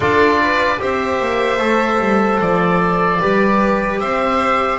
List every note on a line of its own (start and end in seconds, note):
0.00 0.80 D4
0.00 0.77 F4
0.00 0.39 A4
0.00 0.80 D5
0.42 0.81 B4
0.77 1.20 C4
0.77 1.57 G4
0.77 3.20 C5
0.77 2.40 E5
1.20 1.58 A#3
1.58 1.98 A3
1.58 3.19 A4
1.99 2.39 G3
2.40 3.20 F3
2.40 4.00 D5
3.20 4.01 G3
3.20 4.78 G4
3.20 4.00 B4
4.00 4.78 C4
4.00 4.78 C5
4.00 4.78 E5